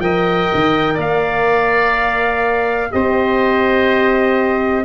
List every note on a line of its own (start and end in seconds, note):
0.00 0.48 F3
0.00 2.92 A#4
0.00 0.95 D#5
0.00 0.98 G5
0.55 0.98 D#3
0.95 2.92 A#3
0.95 2.88 D5
1.01 2.92 F5
2.92 4.85 C4
2.92 4.85 G4
2.92 4.85 C5
2.92 4.85 D#5